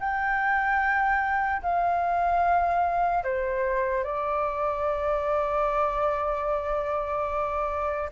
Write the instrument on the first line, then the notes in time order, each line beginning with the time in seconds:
flute
0.00 G5
1.62 F5
3.24 C5
4.04 D5